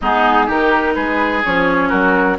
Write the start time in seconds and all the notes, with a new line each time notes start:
0.01 G#3 B3 D#4 G#4
0.46 D#3 D#4 G4 A#4
0.94 G#3 G#4 B4
1.44 F3 C#4 C#5
1.89 F#3 F#4 A#4